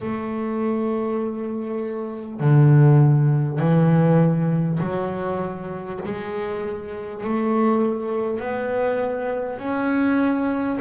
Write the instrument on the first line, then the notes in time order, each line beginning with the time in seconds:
double bass
0.01 A3
2.39 D3
3.58 E3
4.80 F#3
6.04 G#3
7.23 A3
8.39 B3
9.58 C#4